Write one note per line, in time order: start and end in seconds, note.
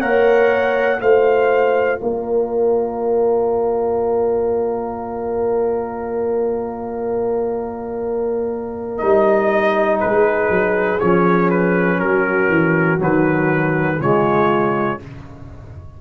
0.00 1.00 A#3
0.00 0.97 A#4
0.00 1.00 C#5
0.00 1.00 F#5
0.97 2.01 A3
0.97 8.97 F4
0.97 2.01 C5
0.97 2.00 F5
2.00 9.01 A#3
2.00 10.00 A#4
2.00 8.97 D5
8.97 10.01 G3
8.97 11.00 D#4
8.97 9.97 D#5
10.00 10.49 G#3
10.00 12.00 G#4
10.00 11.00 B4
10.49 10.99 F#3
11.00 12.00 F3
11.00 12.99 C#4
11.00 11.50 C#5
11.50 11.99 B4
11.99 12.49 F#3
11.99 13.99 F#4
11.99 12.99 A#4
12.49 12.99 E3
12.99 14.00 D#3
12.99 13.99 F#3
12.99 14.01 B4
13.99 15.00 C#3
13.99 15.00 G#3
13.99 14.99 F4
13.99 15.01 C#5